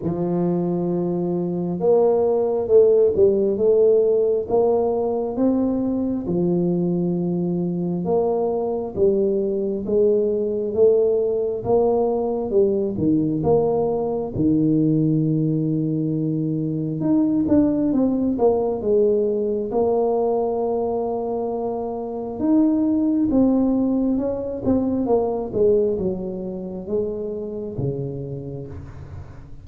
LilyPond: \new Staff \with { instrumentName = "tuba" } { \time 4/4 \tempo 4 = 67 f2 ais4 a8 g8 | a4 ais4 c'4 f4~ | f4 ais4 g4 gis4 | a4 ais4 g8 dis8 ais4 |
dis2. dis'8 d'8 | c'8 ais8 gis4 ais2~ | ais4 dis'4 c'4 cis'8 c'8 | ais8 gis8 fis4 gis4 cis4 | }